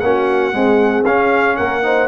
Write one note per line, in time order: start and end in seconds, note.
0.00 0.54 A#3
0.00 0.52 C#4
0.00 0.54 F#4
0.00 1.03 F#5
0.52 1.04 G#3
0.52 1.06 C4
0.52 1.57 G#4
1.05 1.83 C#4
1.05 1.58 C#4
1.05 1.56 F5
1.56 2.08 A#3
1.56 1.83 A#4
1.56 2.08 F#5
1.83 2.08 D#4
1.83 2.08 C5